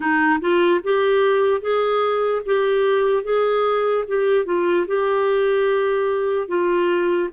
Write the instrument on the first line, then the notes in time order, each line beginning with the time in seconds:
clarinet
0.00 D#4
0.40 F4
0.83 G4
1.61 G#4
2.45 G4
3.23 G#4
4.07 G4
4.45 F4
4.87 G4
6.48 F4